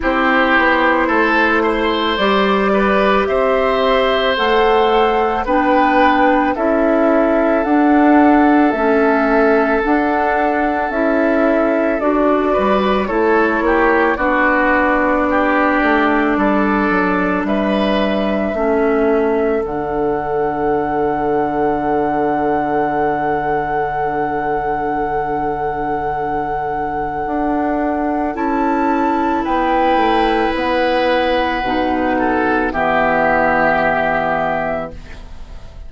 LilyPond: <<
  \new Staff \with { instrumentName = "flute" } { \time 4/4 \tempo 4 = 55 c''2 d''4 e''4 | fis''4 g''4 e''4 fis''4 | e''4 fis''4 e''4 d''4 | cis''4 d''2. |
e''2 fis''2~ | fis''1~ | fis''2 a''4 g''4 | fis''2 e''2 | }
  \new Staff \with { instrumentName = "oboe" } { \time 4/4 g'4 a'8 c''4 b'8 c''4~ | c''4 b'4 a'2~ | a'2.~ a'8 b'8 | a'8 g'8 fis'4 g'4 a'4 |
b'4 a'2.~ | a'1~ | a'2. b'4~ | b'4. a'8 g'2 | }
  \new Staff \with { instrumentName = "clarinet" } { \time 4/4 e'2 g'2 | a'4 d'4 e'4 d'4 | cis'4 d'4 e'4 fis'4 | e'4 d'2.~ |
d'4 cis'4 d'2~ | d'1~ | d'2 e'2~ | e'4 dis'4 b2 | }
  \new Staff \with { instrumentName = "bassoon" } { \time 4/4 c'8 b8 a4 g4 c'4 | a4 b4 cis'4 d'4 | a4 d'4 cis'4 d'8 g8 | a8 ais8 b4. a8 g8 fis8 |
g4 a4 d2~ | d1~ | d4 d'4 cis'4 b8 a8 | b4 b,4 e2 | }
>>